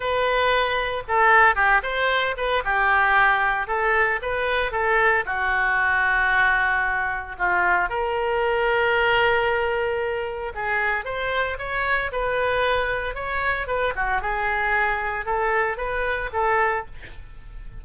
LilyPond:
\new Staff \with { instrumentName = "oboe" } { \time 4/4 \tempo 4 = 114 b'2 a'4 g'8 c''8~ | c''8 b'8 g'2 a'4 | b'4 a'4 fis'2~ | fis'2 f'4 ais'4~ |
ais'1 | gis'4 c''4 cis''4 b'4~ | b'4 cis''4 b'8 fis'8 gis'4~ | gis'4 a'4 b'4 a'4 | }